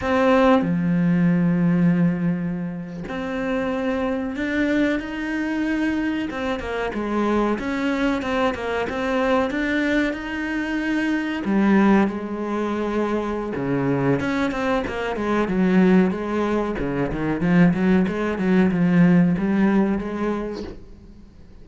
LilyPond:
\new Staff \with { instrumentName = "cello" } { \time 4/4 \tempo 4 = 93 c'4 f2.~ | f8. c'2 d'4 dis'16~ | dis'4.~ dis'16 c'8 ais8 gis4 cis'16~ | cis'8. c'8 ais8 c'4 d'4 dis'16~ |
dis'4.~ dis'16 g4 gis4~ gis16~ | gis4 cis4 cis'8 c'8 ais8 gis8 | fis4 gis4 cis8 dis8 f8 fis8 | gis8 fis8 f4 g4 gis4 | }